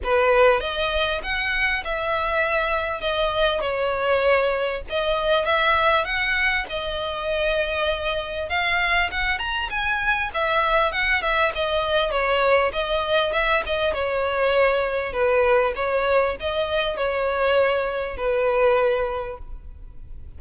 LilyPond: \new Staff \with { instrumentName = "violin" } { \time 4/4 \tempo 4 = 99 b'4 dis''4 fis''4 e''4~ | e''4 dis''4 cis''2 | dis''4 e''4 fis''4 dis''4~ | dis''2 f''4 fis''8 ais''8 |
gis''4 e''4 fis''8 e''8 dis''4 | cis''4 dis''4 e''8 dis''8 cis''4~ | cis''4 b'4 cis''4 dis''4 | cis''2 b'2 | }